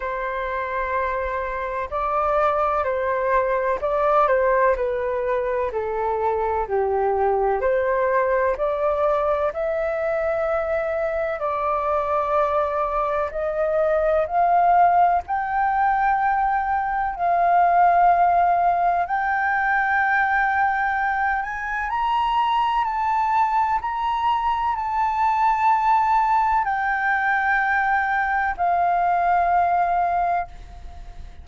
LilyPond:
\new Staff \with { instrumentName = "flute" } { \time 4/4 \tempo 4 = 63 c''2 d''4 c''4 | d''8 c''8 b'4 a'4 g'4 | c''4 d''4 e''2 | d''2 dis''4 f''4 |
g''2 f''2 | g''2~ g''8 gis''8 ais''4 | a''4 ais''4 a''2 | g''2 f''2 | }